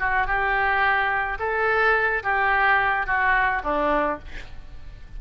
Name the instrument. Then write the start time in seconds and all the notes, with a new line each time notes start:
oboe
0.00 F#4
0.27 G4
1.40 A4
2.23 G4
3.07 F#4
3.64 D4